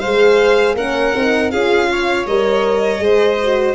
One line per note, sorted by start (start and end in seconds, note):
0.00 0.75 G#3
0.00 0.78 G#4
0.00 0.76 C5
0.00 0.75 F5
0.75 1.13 A#3
0.75 1.16 C#4
0.75 1.52 A#4
0.75 1.51 F#5
1.15 1.53 C4
1.15 1.52 D#4
1.51 2.27 C#4
1.51 2.27 F4
1.51 1.90 G#4
1.51 2.26 F5
1.92 3.04 C#5
2.27 3.01 G3
2.27 2.99 A#4
2.27 3.75 D#5
2.99 3.75 G#3
2.99 3.36 G#4
2.99 3.75 C5
3.43 3.75 F#4